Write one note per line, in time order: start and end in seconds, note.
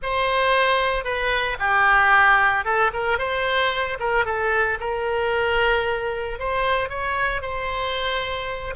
0.02 1.04 C5
1.04 1.57 B4
1.59 2.64 G4
2.64 2.91 A4
2.93 3.18 A#4
3.18 3.98 C5
3.99 4.25 A#4
4.25 4.78 A4
4.80 6.39 A#4
6.39 6.89 C5
6.89 7.41 C#5
7.41 8.74 C5